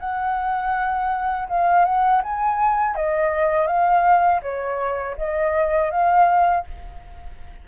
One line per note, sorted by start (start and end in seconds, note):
0.00 1.48 F#5
1.49 1.85 F5
1.85 2.22 F#5
2.23 2.96 G#5
2.96 3.67 D#5
3.67 4.41 F5
4.42 5.16 C#5
5.18 5.91 D#5
5.91 6.65 F5